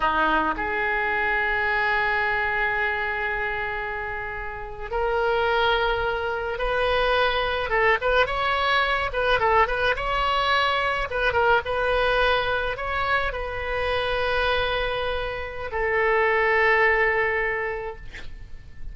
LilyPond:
\new Staff \with { instrumentName = "oboe" } { \time 4/4 \tempo 4 = 107 dis'4 gis'2.~ | gis'1~ | gis'8. ais'2. b'16~ | b'4.~ b'16 a'8 b'8 cis''4~ cis''16~ |
cis''16 b'8 a'8 b'8 cis''2 b'16~ | b'16 ais'8 b'2 cis''4 b'16~ | b'1 | a'1 | }